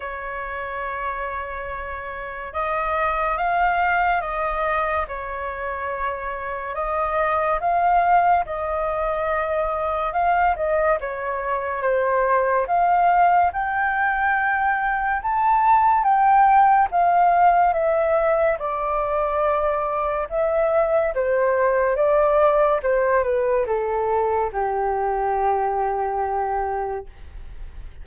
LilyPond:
\new Staff \with { instrumentName = "flute" } { \time 4/4 \tempo 4 = 71 cis''2. dis''4 | f''4 dis''4 cis''2 | dis''4 f''4 dis''2 | f''8 dis''8 cis''4 c''4 f''4 |
g''2 a''4 g''4 | f''4 e''4 d''2 | e''4 c''4 d''4 c''8 b'8 | a'4 g'2. | }